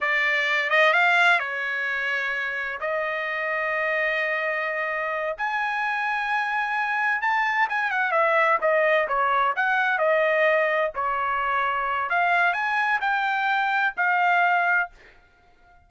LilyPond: \new Staff \with { instrumentName = "trumpet" } { \time 4/4 \tempo 4 = 129 d''4. dis''8 f''4 cis''4~ | cis''2 dis''2~ | dis''2.~ dis''8 gis''8~ | gis''2.~ gis''8 a''8~ |
a''8 gis''8 fis''8 e''4 dis''4 cis''8~ | cis''8 fis''4 dis''2 cis''8~ | cis''2 f''4 gis''4 | g''2 f''2 | }